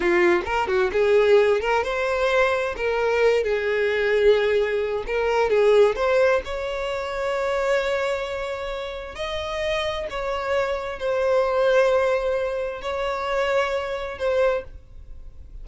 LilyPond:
\new Staff \with { instrumentName = "violin" } { \time 4/4 \tempo 4 = 131 f'4 ais'8 fis'8 gis'4. ais'8 | c''2 ais'4. gis'8~ | gis'2. ais'4 | gis'4 c''4 cis''2~ |
cis''1 | dis''2 cis''2 | c''1 | cis''2. c''4 | }